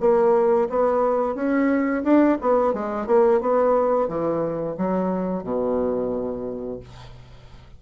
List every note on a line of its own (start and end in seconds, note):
0.00 0.68 A#3
0.69 1.35 B3
1.35 2.03 C#4
2.04 2.38 D4
2.41 2.73 B3
2.73 3.07 G#3
3.07 3.40 A#3
3.40 4.08 B3
4.08 4.76 E3
4.77 5.43 F#3
5.43 6.80 B2